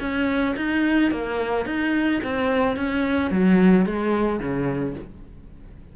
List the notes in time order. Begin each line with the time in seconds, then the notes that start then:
0.00 C#4
0.56 D#4
1.11 A#3
1.65 D#4
2.23 C4
2.76 C#4
3.31 F#3
3.85 G#3
4.39 C#3